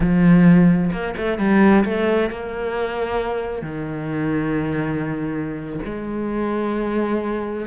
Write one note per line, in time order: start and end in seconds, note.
0.00 0.91 F3
0.92 1.15 A#3
1.17 1.38 A3
1.38 1.84 G3
1.84 2.29 A3
2.29 3.62 A#3
3.62 5.79 D#3
5.85 7.66 G#3